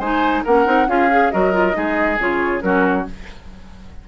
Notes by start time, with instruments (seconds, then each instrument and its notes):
0.00 bassoon G#3, clarinet D#4, oboe C5, flute G#5
0.45 bassoon A#3, clarinet C#4, oboe A#4, flute F#5
0.65 bassoon C4, clarinet D#4
0.88 bassoon C#4, clarinet F4, oboe G#4, flute F5
1.11 clarinet G#4
1.31 bassoon F#3, clarinet F#4, oboe A#4, flute D#5
1.53 clarinet F4
1.73 bassoon G#3, clarinet D#4, oboe G#4
2.19 bassoon C#3, clarinet F4, flute C#5
2.61 bassoon F#3, clarinet C#4, oboe F#4, flute A#4